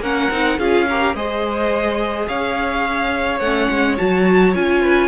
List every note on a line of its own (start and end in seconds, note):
0.00 0.28 A#3
0.00 0.32 C#4
0.00 0.58 A#4
0.00 0.59 F#5
0.30 0.59 C4
0.30 0.60 D#4
0.58 1.15 C#4
0.58 0.88 F4
0.58 0.87 G#4
0.58 1.16 F5
0.89 1.15 G4
0.89 1.16 A#4
1.15 2.28 G#3
1.15 3.42 G#4
1.15 2.28 C5
1.15 2.28 D#5
2.28 3.40 C#4
2.28 4.81 C#5
2.28 3.40 F5
3.40 3.68 A3
3.40 3.98 C#4
3.40 3.96 F#5
3.70 3.98 G#3
3.98 4.55 F#3
3.98 4.54 F#4
3.98 4.54 A5
4.54 5.08 C#4
4.54 5.08 F4
4.54 5.08 G#5
4.81 5.08 B4